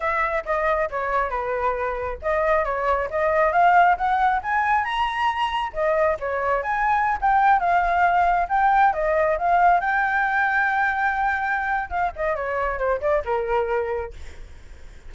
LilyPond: \new Staff \with { instrumentName = "flute" } { \time 4/4 \tempo 4 = 136 e''4 dis''4 cis''4 b'4~ | b'4 dis''4 cis''4 dis''4 | f''4 fis''4 gis''4 ais''4~ | ais''4 dis''4 cis''4 gis''4~ |
gis''16 g''4 f''2 g''8.~ | g''16 dis''4 f''4 g''4.~ g''16~ | g''2. f''8 dis''8 | cis''4 c''8 d''8 ais'2 | }